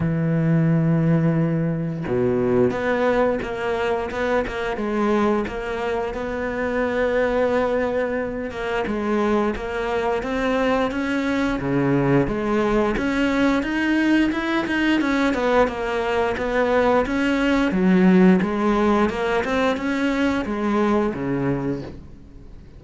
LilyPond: \new Staff \with { instrumentName = "cello" } { \time 4/4 \tempo 4 = 88 e2. b,4 | b4 ais4 b8 ais8 gis4 | ais4 b2.~ | b8 ais8 gis4 ais4 c'4 |
cis'4 cis4 gis4 cis'4 | dis'4 e'8 dis'8 cis'8 b8 ais4 | b4 cis'4 fis4 gis4 | ais8 c'8 cis'4 gis4 cis4 | }